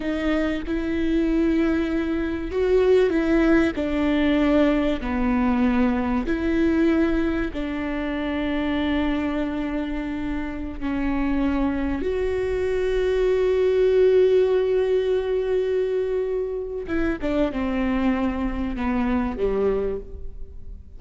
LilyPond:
\new Staff \with { instrumentName = "viola" } { \time 4/4 \tempo 4 = 96 dis'4 e'2. | fis'4 e'4 d'2 | b2 e'2 | d'1~ |
d'4~ d'16 cis'2 fis'8.~ | fis'1~ | fis'2. e'8 d'8 | c'2 b4 g4 | }